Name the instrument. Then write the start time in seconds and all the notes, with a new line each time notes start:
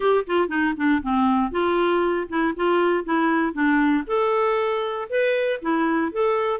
clarinet
0.00 G4
0.26 F4
0.48 D#4
0.76 D4
1.02 C4
1.51 F4
2.28 E4
2.55 F4
3.04 E4
3.53 D4
4.06 A4
5.09 B4
5.61 E4
6.11 A4